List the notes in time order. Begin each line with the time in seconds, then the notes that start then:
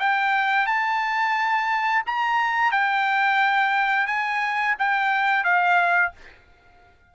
0.00 G5
0.67 A5
2.07 A#5
2.72 G5
4.07 G#5
4.79 G5
5.44 F5